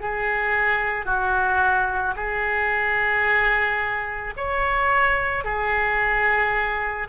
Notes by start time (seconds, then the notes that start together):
0.00 G#4
1.06 F#4
2.16 G#4
4.36 C#5
5.44 G#4